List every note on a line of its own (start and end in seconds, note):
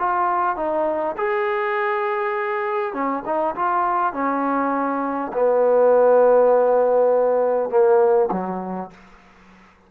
0.00 0.57 F4
0.57 1.16 D#4
1.18 2.94 G#4
2.94 3.23 C#4
3.26 3.56 D#4
3.56 4.13 F4
4.13 5.32 C#4
5.34 7.70 B3
7.70 8.30 A#3
8.32 8.91 F#3